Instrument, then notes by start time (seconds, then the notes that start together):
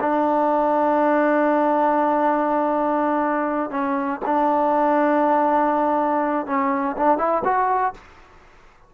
trombone
0.00 D4
3.70 C#4
4.25 D4
6.46 C#4
6.97 D4
7.18 E4
7.44 F#4